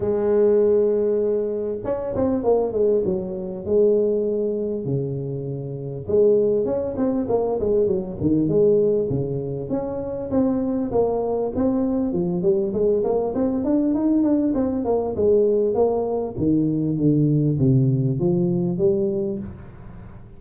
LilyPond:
\new Staff \with { instrumentName = "tuba" } { \time 4/4 \tempo 4 = 99 gis2. cis'8 c'8 | ais8 gis8 fis4 gis2 | cis2 gis4 cis'8 c'8 | ais8 gis8 fis8 dis8 gis4 cis4 |
cis'4 c'4 ais4 c'4 | f8 g8 gis8 ais8 c'8 d'8 dis'8 d'8 | c'8 ais8 gis4 ais4 dis4 | d4 c4 f4 g4 | }